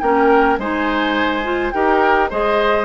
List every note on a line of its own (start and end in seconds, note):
0.00 0.57 A#3
0.00 0.59 C#4
0.00 0.59 A#4
0.00 0.57 G5
0.57 1.72 G#3
0.57 1.43 D#4
0.57 1.73 C5
0.57 1.71 G#5
1.43 1.72 F4
1.71 2.31 D#4
1.71 2.30 G4
1.71 2.29 A#4
1.71 2.28 G5
2.29 2.85 G#3
2.29 2.85 G#4
2.29 2.85 C5
2.29 2.85 D#5